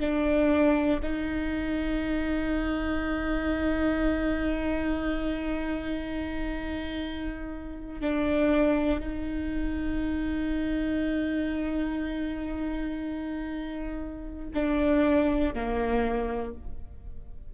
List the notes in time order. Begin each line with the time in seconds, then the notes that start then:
0.00 D4
1.03 D#4
8.01 D4
9.00 D#4
14.54 D4
15.54 A#3